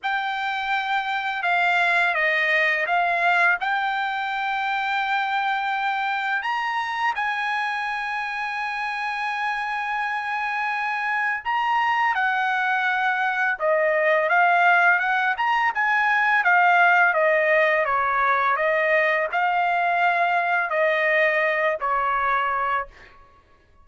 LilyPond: \new Staff \with { instrumentName = "trumpet" } { \time 4/4 \tempo 4 = 84 g''2 f''4 dis''4 | f''4 g''2.~ | g''4 ais''4 gis''2~ | gis''1 |
ais''4 fis''2 dis''4 | f''4 fis''8 ais''8 gis''4 f''4 | dis''4 cis''4 dis''4 f''4~ | f''4 dis''4. cis''4. | }